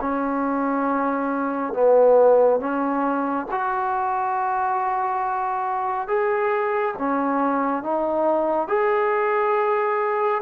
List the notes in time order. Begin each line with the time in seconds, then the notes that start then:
0.00 C#4
1.73 B3
2.59 C#4
3.51 F#4
6.08 G#4
6.98 C#4
7.83 D#4
8.67 G#4